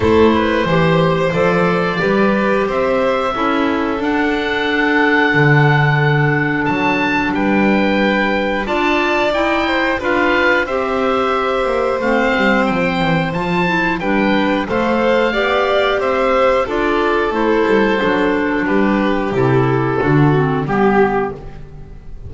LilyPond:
<<
  \new Staff \with { instrumentName = "oboe" } { \time 4/4 \tempo 4 = 90 c''2 d''2 | e''2 fis''2~ | fis''2 a''4 g''4~ | g''4 a''4 g''4 f''4 |
e''2 f''4 g''4 | a''4 g''4 f''2 | e''4 d''4 c''2 | b'4 a'2 g'4 | }
  \new Staff \with { instrumentName = "violin" } { \time 4/4 a'8 b'8 c''2 b'4 | c''4 a'2.~ | a'2. b'4~ | b'4 d''4. c''8 b'4 |
c''1~ | c''4 b'4 c''4 d''4 | c''4 a'2. | g'2 fis'4 g'4 | }
  \new Staff \with { instrumentName = "clarinet" } { \time 4/4 e'4 g'4 a'4 g'4~ | g'4 e'4 d'2~ | d'1~ | d'4 f'4 e'4 f'4 |
g'2 c'2 | f'8 e'8 d'4 a'4 g'4~ | g'4 f'4 e'4 d'4~ | d'4 e'4 d'8 c'8 b4 | }
  \new Staff \with { instrumentName = "double bass" } { \time 4/4 a4 e4 f4 g4 | c'4 cis'4 d'2 | d2 fis4 g4~ | g4 d'4 dis'4 d'4 |
c'4. ais8 a8 g8 f8 e8 | f4 g4 a4 b4 | c'4 d'4 a8 g8 fis4 | g4 c4 d4 g4 | }
>>